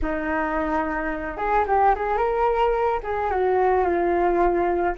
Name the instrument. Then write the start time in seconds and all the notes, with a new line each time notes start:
flute
0.02 D#4
1.37 G#4
1.67 G4
1.95 G#4
2.17 A#4
3.03 G#4
3.30 F#4
3.84 F4